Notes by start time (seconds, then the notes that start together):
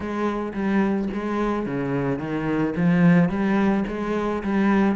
0.00 G#3
0.53 G3
1.13 G#3
1.65 C#3
2.18 D#3
2.75 F3
3.29 G3
3.87 G#3
4.43 G3